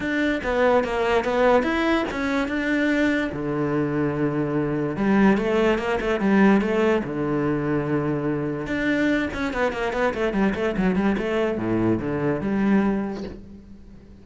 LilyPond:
\new Staff \with { instrumentName = "cello" } { \time 4/4 \tempo 4 = 145 d'4 b4 ais4 b4 | e'4 cis'4 d'2 | d1 | g4 a4 ais8 a8 g4 |
a4 d2.~ | d4 d'4. cis'8 b8 ais8 | b8 a8 g8 a8 fis8 g8 a4 | a,4 d4 g2 | }